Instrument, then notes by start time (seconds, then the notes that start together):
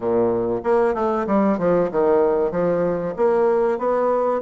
bassoon
0.00 A#2
0.63 A#3
0.94 A3
1.26 G3
1.58 F3
1.91 D#3
2.51 F3
3.16 A#3
3.78 B3